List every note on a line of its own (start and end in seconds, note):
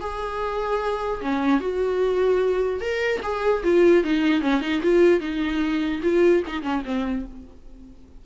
0.00 1.21 G#4
1.21 1.60 C#4
1.60 2.80 F#4
2.80 3.20 A#4
3.23 3.63 G#4
3.63 4.03 F4
4.03 4.41 D#4
4.41 4.61 C#4
4.61 4.81 D#4
4.82 5.20 F4
5.20 6.01 D#4
6.02 6.43 F4
6.46 6.62 D#4
6.62 6.82 C#4
6.85 7.25 C4